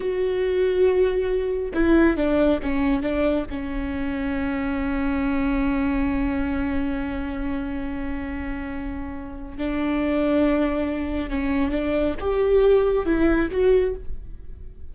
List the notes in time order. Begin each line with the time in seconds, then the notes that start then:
0.00 F#4
1.74 E4
2.16 D4
2.62 C#4
3.02 D4
3.50 C#4
9.57 D4
11.29 C#4
11.71 D4
12.20 G4
13.05 E4
13.51 F#4